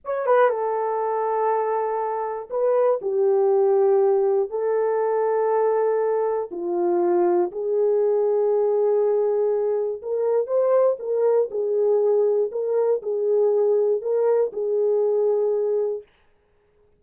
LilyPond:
\new Staff \with { instrumentName = "horn" } { \time 4/4 \tempo 4 = 120 cis''8 b'8 a'2.~ | a'4 b'4 g'2~ | g'4 a'2.~ | a'4 f'2 gis'4~ |
gis'1 | ais'4 c''4 ais'4 gis'4~ | gis'4 ais'4 gis'2 | ais'4 gis'2. | }